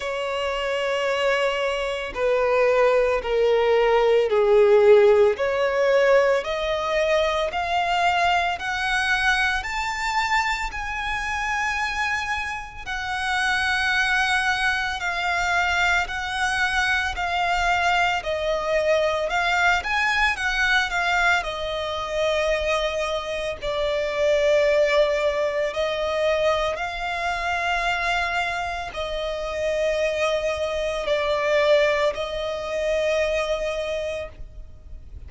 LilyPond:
\new Staff \with { instrumentName = "violin" } { \time 4/4 \tempo 4 = 56 cis''2 b'4 ais'4 | gis'4 cis''4 dis''4 f''4 | fis''4 a''4 gis''2 | fis''2 f''4 fis''4 |
f''4 dis''4 f''8 gis''8 fis''8 f''8 | dis''2 d''2 | dis''4 f''2 dis''4~ | dis''4 d''4 dis''2 | }